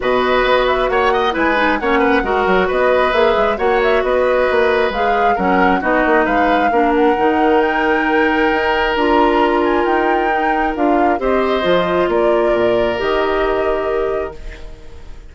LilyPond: <<
  \new Staff \with { instrumentName = "flute" } { \time 4/4 \tempo 4 = 134 dis''4. e''8 fis''4 gis''4 | fis''2 dis''4 e''4 | fis''8 e''8 dis''2 f''4 | fis''4 dis''4 f''4. fis''8~ |
fis''4 g''2. | ais''4. gis''8 g''2 | f''4 dis''2 d''4~ | d''4 dis''2. | }
  \new Staff \with { instrumentName = "oboe" } { \time 4/4 b'2 cis''8 dis''8 b'4 | cis''8 b'8 ais'4 b'2 | cis''4 b'2. | ais'4 fis'4 b'4 ais'4~ |
ais'1~ | ais'1~ | ais'4 c''2 ais'4~ | ais'1 | }
  \new Staff \with { instrumentName = "clarinet" } { \time 4/4 fis'2. e'8 dis'8 | cis'4 fis'2 gis'4 | fis'2. gis'4 | cis'4 dis'2 d'4 |
dis'1 | f'2. dis'4 | f'4 g'4 f'2~ | f'4 g'2. | }
  \new Staff \with { instrumentName = "bassoon" } { \time 4/4 b,4 b4 ais4 gis4 | ais4 gis8 fis8 b4 ais8 gis8 | ais4 b4 ais4 gis4 | fis4 b8 ais8 gis4 ais4 |
dis2. dis'4 | d'2 dis'2 | d'4 c'4 f4 ais4 | ais,4 dis2. | }
>>